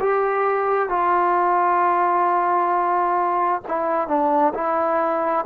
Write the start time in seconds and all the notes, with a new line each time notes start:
0.00 G4
0.89 F4
3.68 E4
4.07 D4
4.54 E4